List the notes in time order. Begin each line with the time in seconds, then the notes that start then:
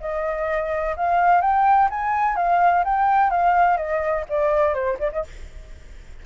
0.00 D#5
0.96 F5
1.41 G5
1.90 G#5
2.36 F5
2.84 G5
3.30 F5
3.77 D#5
4.29 D5
4.74 C5
4.99 D5
5.12 D#5